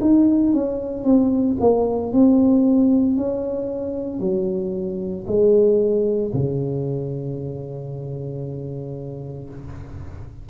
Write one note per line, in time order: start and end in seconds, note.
0.00 0.53 D#4
0.53 1.04 C#4
1.04 1.56 C4
1.60 2.12 A#3
2.12 3.16 C4
3.16 4.20 C#4
4.20 5.25 F#3
5.26 6.32 G#3
6.33 9.49 C#3